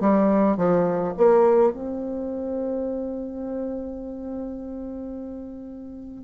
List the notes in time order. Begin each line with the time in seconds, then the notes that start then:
0.00 G3
0.57 F3
1.17 A#3
1.72 C4